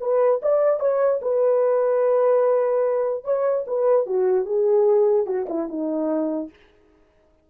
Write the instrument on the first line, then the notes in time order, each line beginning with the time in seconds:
horn
0.00 B4
0.42 D5
0.79 C#5
1.22 B4
3.24 C#5
3.67 B4
4.06 F#4
4.45 G#4
5.26 F#4
5.49 E4
5.68 D#4